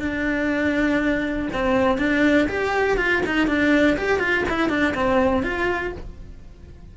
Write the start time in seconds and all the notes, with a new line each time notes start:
0.00 D4
1.53 C4
1.99 D4
2.49 G4
2.98 F4
3.26 D#4
3.47 D4
3.98 G4
4.19 F4
4.49 E4
4.70 D4
4.95 C4
5.43 F4